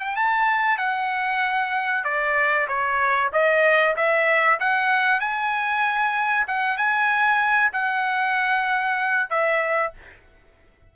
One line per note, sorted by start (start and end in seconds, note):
0.00 0.16 G5
0.16 0.78 A5
0.78 2.04 F#5
2.04 2.68 D5
2.68 3.31 C#5
3.33 3.96 D#5
3.96 4.60 E5
4.60 5.21 F#5
5.21 6.47 G#5
6.48 6.78 F#5
6.78 7.72 G#5
7.73 9.30 F#5
9.30 9.93 E5